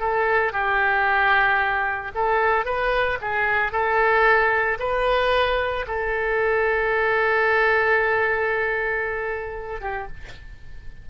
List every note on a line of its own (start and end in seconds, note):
0.00 0.53 A4
0.53 2.12 G4
2.15 2.66 A4
2.66 3.19 B4
3.21 3.72 G#4
3.72 4.78 A4
4.80 5.86 B4
5.88 9.81 A4
9.81 10.07 G4